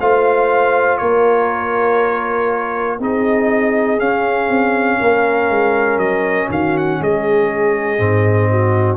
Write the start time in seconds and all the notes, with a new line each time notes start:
0.00 A3 F4 C5 F5
0.97 A#3 A#4 C#5
2.99 C4 D#4 G#4 D#5
3.98 C#4 F5
4.48 C4
4.99 A#3 A#4
5.49 G#3
5.97 F#3 D#5
6.49 D#3 F#4 F5
6.77 F#5
7.00 G#3 G#4 D#5
7.98 G#2 C4
8.51 F#4